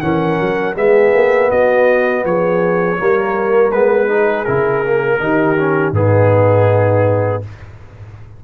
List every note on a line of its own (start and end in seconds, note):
0.00 0.39 E3
0.00 0.74 C#4
0.00 0.76 A#4
0.00 0.74 F#5
0.40 0.76 F#3
0.74 1.13 G#3
0.74 2.97 B3
0.74 1.49 G#4
0.74 1.50 E5
1.13 1.50 A#3
1.49 2.24 B3
1.49 2.23 F#4
1.49 2.24 D#5
2.24 2.98 F3
2.24 2.99 G#4
2.24 3.71 C#5
2.97 3.72 G3
2.97 3.71 A#3
2.97 4.06 A#4
3.71 4.46 G#3
3.71 4.08 B3
3.71 4.44 B4
4.06 4.45 D#4
4.06 5.18 G#4
4.44 5.19 C#3
4.44 4.84 E4
4.44 5.92 A#4
4.84 5.19 A#3
5.19 5.91 D#3
5.19 5.56 D#4
5.19 5.95 G4
5.57 5.94 C#4
5.91 7.40 G#2
5.91 7.42 B3
5.91 7.44 D#4
5.91 7.42 G#4